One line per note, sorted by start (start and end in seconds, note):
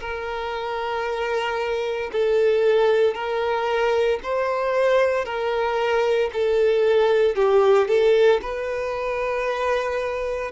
0.00 2.11 A#4
2.12 3.14 A4
3.14 4.20 A#4
4.23 5.25 C5
5.25 6.30 A#4
6.33 7.35 A4
7.35 7.88 G4
7.88 8.41 A4
8.42 10.52 B4